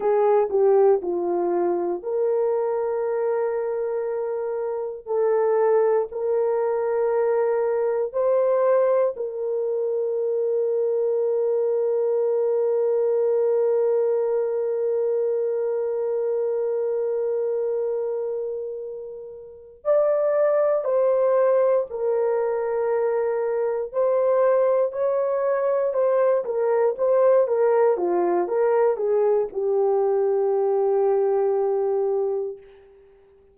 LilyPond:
\new Staff \with { instrumentName = "horn" } { \time 4/4 \tempo 4 = 59 gis'8 g'8 f'4 ais'2~ | ais'4 a'4 ais'2 | c''4 ais'2.~ | ais'1~ |
ais'2.~ ais'8 d''8~ | d''8 c''4 ais'2 c''8~ | c''8 cis''4 c''8 ais'8 c''8 ais'8 f'8 | ais'8 gis'8 g'2. | }